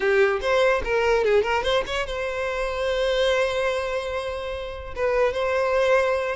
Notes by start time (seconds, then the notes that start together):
0.00 G4
0.41 C5
0.84 A#4
1.24 G#4
1.42 A#4
1.63 C5
1.86 C#5
2.06 C5
4.95 B4
5.33 C5